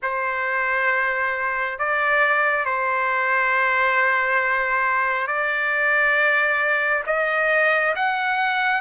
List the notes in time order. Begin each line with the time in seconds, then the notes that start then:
0.02 C5
1.78 D5
2.65 C5
5.27 D5
7.06 D#5
7.95 F#5